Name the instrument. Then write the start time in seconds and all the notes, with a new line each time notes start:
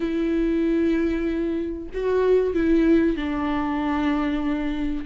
viola
0.00 E4
1.94 F#4
2.53 E4
3.16 D4